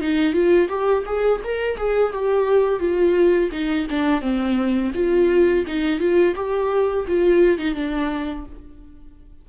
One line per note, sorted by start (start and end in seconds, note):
0.00 0.33 D#4
0.33 0.68 F4
0.69 1.04 G4
1.06 1.41 G#4
1.44 1.77 A#4
1.77 2.12 G#4
2.13 2.79 G4
2.79 3.50 F4
3.52 3.87 D#4
3.90 4.21 D4
4.21 4.92 C4
4.94 5.65 F4
5.67 5.99 D#4
5.99 6.35 F4
6.35 7.06 G4
7.07 7.58 F4
7.58 7.75 D#4
7.75 8.45 D4